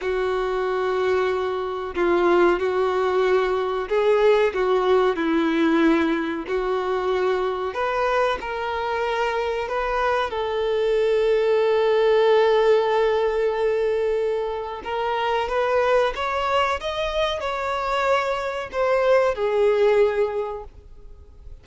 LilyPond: \new Staff \with { instrumentName = "violin" } { \time 4/4 \tempo 4 = 93 fis'2. f'4 | fis'2 gis'4 fis'4 | e'2 fis'2 | b'4 ais'2 b'4 |
a'1~ | a'2. ais'4 | b'4 cis''4 dis''4 cis''4~ | cis''4 c''4 gis'2 | }